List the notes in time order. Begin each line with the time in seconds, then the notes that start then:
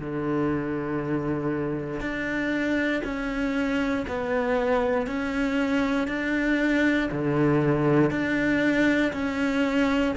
0.00 D3
2.01 D4
3.05 C#4
4.08 B3
5.07 C#4
6.08 D4
7.12 D3
8.11 D4
9.13 C#4